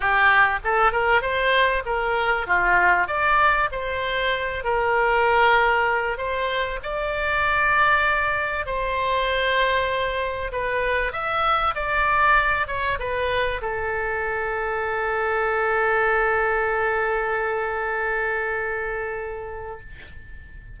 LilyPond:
\new Staff \with { instrumentName = "oboe" } { \time 4/4 \tempo 4 = 97 g'4 a'8 ais'8 c''4 ais'4 | f'4 d''4 c''4. ais'8~ | ais'2 c''4 d''4~ | d''2 c''2~ |
c''4 b'4 e''4 d''4~ | d''8 cis''8 b'4 a'2~ | a'1~ | a'1 | }